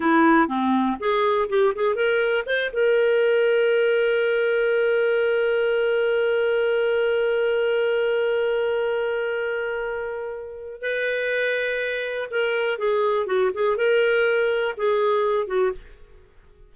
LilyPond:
\new Staff \with { instrumentName = "clarinet" } { \time 4/4 \tempo 4 = 122 e'4 c'4 gis'4 g'8 gis'8 | ais'4 c''8 ais'2~ ais'8~ | ais'1~ | ais'1~ |
ais'1~ | ais'2 b'2~ | b'4 ais'4 gis'4 fis'8 gis'8 | ais'2 gis'4. fis'8 | }